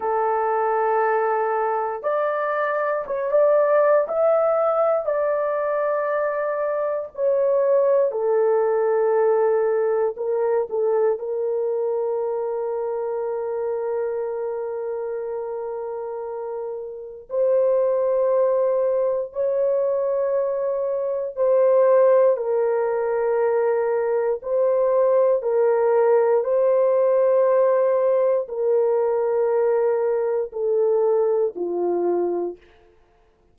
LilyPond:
\new Staff \with { instrumentName = "horn" } { \time 4/4 \tempo 4 = 59 a'2 d''4 cis''16 d''8. | e''4 d''2 cis''4 | a'2 ais'8 a'8 ais'4~ | ais'1~ |
ais'4 c''2 cis''4~ | cis''4 c''4 ais'2 | c''4 ais'4 c''2 | ais'2 a'4 f'4 | }